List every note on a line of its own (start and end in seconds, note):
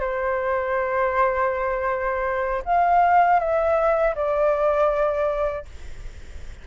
0.00 2.62 C5
2.65 3.40 F5
3.40 4.15 E5
4.15 5.65 D5